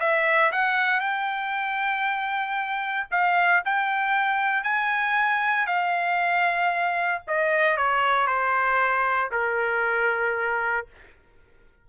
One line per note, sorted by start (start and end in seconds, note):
0.00 0.52 E5
0.52 1.00 F#5
1.00 3.07 G5
3.12 3.63 F5
3.65 4.64 G5
4.64 5.67 G#5
5.67 7.22 F5
7.28 7.78 D#5
7.78 8.27 C#5
8.27 9.31 C5
9.32 10.87 A#4